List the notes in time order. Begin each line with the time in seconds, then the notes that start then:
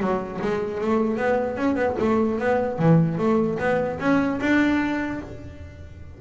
0.00 F#3
0.42 G#3
0.81 A3
1.17 B3
1.57 C#4
1.76 B3
2.00 A3
2.39 B3
2.79 E3
3.19 A3
3.59 B3
4.00 C#4
4.41 D4